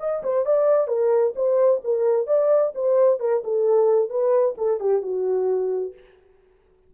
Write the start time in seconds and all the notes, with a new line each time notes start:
0.00 D#5
0.23 C5
0.46 D5
0.88 A#4
1.36 C5
1.84 A#4
2.27 D5
2.75 C5
3.20 A#4
3.44 A4
4.10 B4
4.58 A4
4.80 G4
5.02 F#4